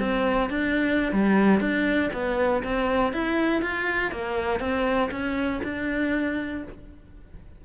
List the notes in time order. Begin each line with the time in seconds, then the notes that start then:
0.00 C4
0.50 D4
1.13 G3
1.60 D4
2.14 B3
2.64 C4
3.13 E4
3.62 F4
4.12 A#3
4.60 C4
5.12 C#4
5.64 D4